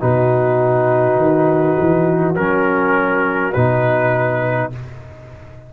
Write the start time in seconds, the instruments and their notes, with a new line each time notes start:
0.00 tuba B2, trombone D#4, horn F#4, trumpet B4
1.17 tuba D#3
1.80 tuba E3
2.36 tuba F#3, trombone C#4, trumpet A#4
3.53 tuba B2, trombone D#4, trumpet B4